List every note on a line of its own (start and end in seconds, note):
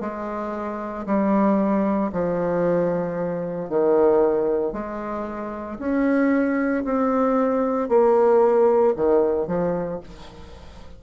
0.00 1.05 G#3
1.06 2.11 G3
2.12 3.69 F3
3.69 4.72 D#3
4.72 5.78 G#3
5.78 6.84 C#4
6.84 7.89 C4
7.89 8.94 A#3
8.96 9.47 D#3
9.47 10.00 F3